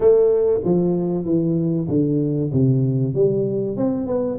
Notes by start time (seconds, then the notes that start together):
0.00 A3
0.64 F3
1.24 E3
1.88 D3
2.53 C3
3.14 G3
3.77 C4
4.07 B3